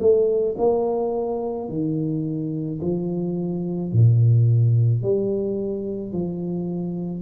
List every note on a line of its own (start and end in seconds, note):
0.00 0.56 A3
0.58 1.69 A#3
1.69 2.80 D#3
2.81 3.92 F3
3.92 5.03 A#2
5.03 6.13 G3
6.13 7.22 F3